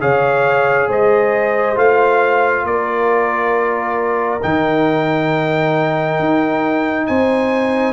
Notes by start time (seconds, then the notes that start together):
0.00 C#3 G#4 C#5 F5
0.89 G#3 C5 D#5
1.75 A3 F4 F5
2.64 A#3 D5
2.70 A#4
4.42 D#3 D#4 G5
6.19 D#4
7.07 C4 C5 G#5